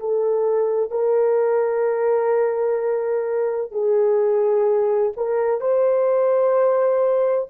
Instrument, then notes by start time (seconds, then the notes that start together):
horn
0.00 A4
0.91 A#4
3.72 G#4
5.16 A#4
5.60 C5